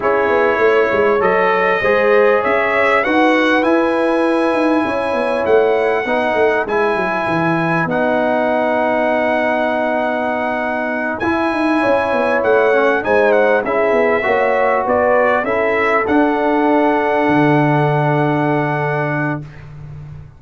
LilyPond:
<<
  \new Staff \with { instrumentName = "trumpet" } { \time 4/4 \tempo 4 = 99 cis''2 dis''2 | e''4 fis''4 gis''2~ | gis''4 fis''2 gis''4~ | gis''4 fis''2.~ |
fis''2~ fis''8 gis''4.~ | gis''8 fis''4 gis''8 fis''8 e''4.~ | e''8 d''4 e''4 fis''4.~ | fis''1 | }
  \new Staff \with { instrumentName = "horn" } { \time 4/4 gis'4 cis''2 c''4 | cis''4 b'2. | cis''2 b'2~ | b'1~ |
b'2.~ b'8 cis''8~ | cis''4. c''4 gis'4 cis''8~ | cis''8 b'4 a'2~ a'8~ | a'1 | }
  \new Staff \with { instrumentName = "trombone" } { \time 4/4 e'2 a'4 gis'4~ | gis'4 fis'4 e'2~ | e'2 dis'4 e'4~ | e'4 dis'2.~ |
dis'2~ dis'8 e'4.~ | e'4 cis'8 dis'4 e'4 fis'8~ | fis'4. e'4 d'4.~ | d'1 | }
  \new Staff \with { instrumentName = "tuba" } { \time 4/4 cis'8 b8 a8 gis8 fis4 gis4 | cis'4 dis'4 e'4. dis'8 | cis'8 b8 a4 b8 a8 gis8 fis8 | e4 b2.~ |
b2~ b8 e'8 dis'8 cis'8 | b8 a4 gis4 cis'8 b8 ais8~ | ais8 b4 cis'4 d'4.~ | d'8 d2.~ d8 | }
>>